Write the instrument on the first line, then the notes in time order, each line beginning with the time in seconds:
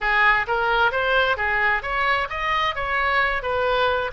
oboe
0.00 G#4
0.47 A#4
0.91 C5
1.37 G#4
1.82 C#5
2.29 D#5
2.75 C#5
3.42 B4